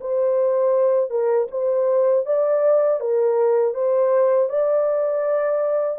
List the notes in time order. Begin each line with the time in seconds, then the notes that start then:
0.00 C5
1.09 A#4
1.51 C5
2.25 D5
3.00 A#4
3.74 C5
4.49 D5